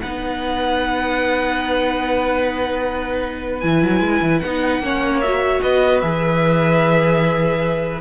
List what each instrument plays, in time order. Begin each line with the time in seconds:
0.00 cello B3, viola D#4, violin B4 F#5
3.60 cello E3, viola E4, violin G#5
3.83 cello F#3
4.00 cello G#3
4.21 cello E3
4.39 cello B3, viola D#4, violin F#5
4.79 cello A#3, viola C#4, violin C#5
5.20 viola F#4, violin E5
5.62 cello B3, violin B4 D#5
6.00 cello E3, viola G#4, violin E5